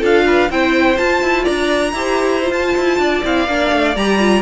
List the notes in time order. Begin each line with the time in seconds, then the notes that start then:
0.00 D4 F4 A4 F5
0.26 B4
0.49 C4 E4 C5 G5
0.97 F4 A5
1.22 E4
1.43 D4 D5 A#5
1.93 E4 G4 C5
2.42 F4
2.51 F4 A5
2.76 E4
2.99 D4 D5
3.24 C4 E4 F5
3.48 A#3 D4
3.72 A3
3.96 G3 G4 A#5
4.19 F4